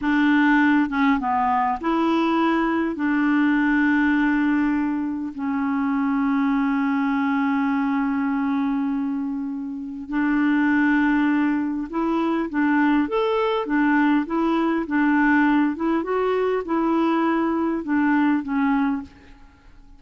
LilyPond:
\new Staff \with { instrumentName = "clarinet" } { \time 4/4 \tempo 4 = 101 d'4. cis'8 b4 e'4~ | e'4 d'2.~ | d'4 cis'2.~ | cis'1~ |
cis'4 d'2. | e'4 d'4 a'4 d'4 | e'4 d'4. e'8 fis'4 | e'2 d'4 cis'4 | }